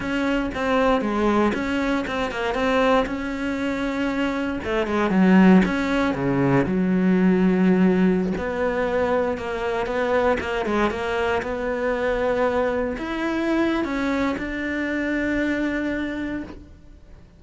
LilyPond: \new Staff \with { instrumentName = "cello" } { \time 4/4 \tempo 4 = 117 cis'4 c'4 gis4 cis'4 | c'8 ais8 c'4 cis'2~ | cis'4 a8 gis8 fis4 cis'4 | cis4 fis2.~ |
fis16 b2 ais4 b8.~ | b16 ais8 gis8 ais4 b4.~ b16~ | b4~ b16 e'4.~ e'16 cis'4 | d'1 | }